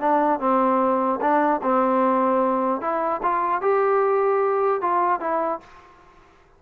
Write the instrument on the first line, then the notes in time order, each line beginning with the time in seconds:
trombone
0.00 D4
0.40 C4
1.21 D4
1.63 C4
2.81 E4
3.23 F4
3.62 G4
4.82 F4
5.21 E4